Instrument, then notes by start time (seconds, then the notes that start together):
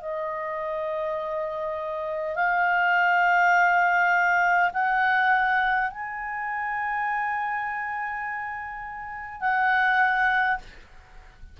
clarinet
0.00 D#5
2.35 F5
4.73 F#5
5.90 G#5
9.41 F#5